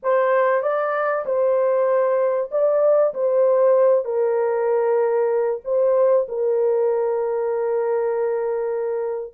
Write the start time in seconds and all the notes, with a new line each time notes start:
0.02 C5
0.62 D5
1.25 C5
2.51 D5
3.14 C5
4.04 A#4
5.64 C5
6.28 A#4